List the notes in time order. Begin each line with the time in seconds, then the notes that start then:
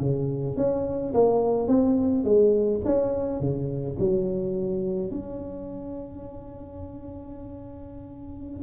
0.00 C#3
0.56 C#4
1.13 A#3
1.67 C4
2.24 G#3
2.85 C#4
3.40 C#3
3.99 F#3
5.11 C#4